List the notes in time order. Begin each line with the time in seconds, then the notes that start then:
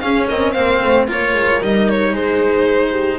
0.00 C#4 G#4 F5
0.29 C4 A#4 D#5
0.52 A#3 C4 C5 F5
0.84 A3
1.08 A#3 F4 A#4 C#5
1.34 G#3
1.61 G3 D#4 D#5
1.89 C#5
2.13 G#3 G#4 C5
2.90 G4